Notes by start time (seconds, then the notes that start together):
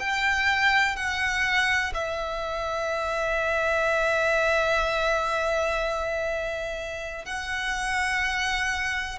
0.00 G5
0.96 F#5
1.94 E5
7.25 F#5